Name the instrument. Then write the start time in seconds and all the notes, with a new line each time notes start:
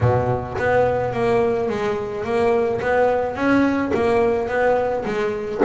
double bass
0.01 B2
0.58 B3
1.13 A#3
1.69 G#3
2.24 A#3
2.81 B3
3.35 C#4
3.94 A#3
4.48 B3
5.05 G#3